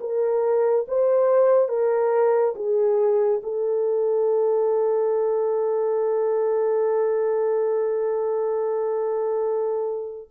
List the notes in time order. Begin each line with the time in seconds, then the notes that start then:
0.00 A#4
0.88 C5
1.69 A#4
2.55 G#4
3.43 A4